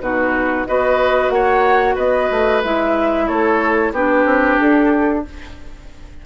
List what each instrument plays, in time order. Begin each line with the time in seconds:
0.00 bassoon B2, clarinet D#4, oboe F#4, flute B4
0.66 bassoon B3, clarinet F#4, oboe B4, flute D#5
1.29 bassoon A#3, oboe C#5, flute F#5
1.94 bassoon B3, oboe B4, flute D#5
2.30 bassoon A3
2.63 bassoon G#3, clarinet E4, flute E5
3.27 bassoon A3, oboe A4, flute C#5
3.92 bassoon B3, clarinet D4, oboe G4, flute B4
4.25 bassoon C4
4.60 bassoon D4, flute A4